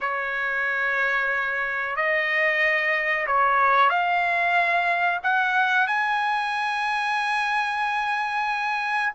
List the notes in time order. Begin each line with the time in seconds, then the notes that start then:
0.00 C#5
1.96 D#5
3.26 C#5
3.89 F5
5.23 F#5
5.87 G#5